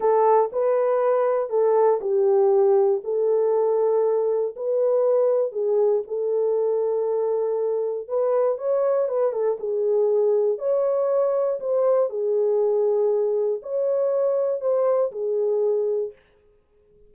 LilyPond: \new Staff \with { instrumentName = "horn" } { \time 4/4 \tempo 4 = 119 a'4 b'2 a'4 | g'2 a'2~ | a'4 b'2 gis'4 | a'1 |
b'4 cis''4 b'8 a'8 gis'4~ | gis'4 cis''2 c''4 | gis'2. cis''4~ | cis''4 c''4 gis'2 | }